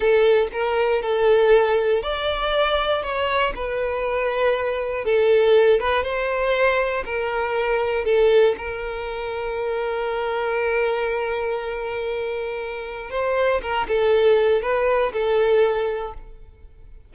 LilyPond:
\new Staff \with { instrumentName = "violin" } { \time 4/4 \tempo 4 = 119 a'4 ais'4 a'2 | d''2 cis''4 b'4~ | b'2 a'4. b'8 | c''2 ais'2 |
a'4 ais'2.~ | ais'1~ | ais'2 c''4 ais'8 a'8~ | a'4 b'4 a'2 | }